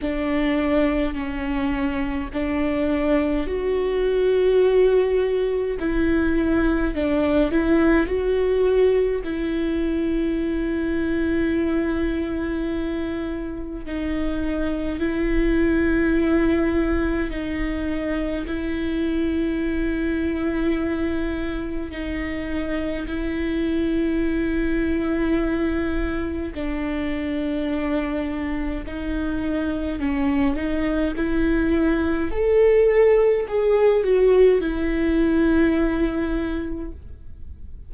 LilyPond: \new Staff \with { instrumentName = "viola" } { \time 4/4 \tempo 4 = 52 d'4 cis'4 d'4 fis'4~ | fis'4 e'4 d'8 e'8 fis'4 | e'1 | dis'4 e'2 dis'4 |
e'2. dis'4 | e'2. d'4~ | d'4 dis'4 cis'8 dis'8 e'4 | a'4 gis'8 fis'8 e'2 | }